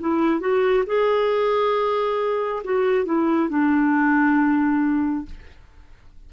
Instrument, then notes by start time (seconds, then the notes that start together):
clarinet
0.00 E4
0.40 F#4
0.87 G#4
2.64 F#4
3.06 E4
3.49 D4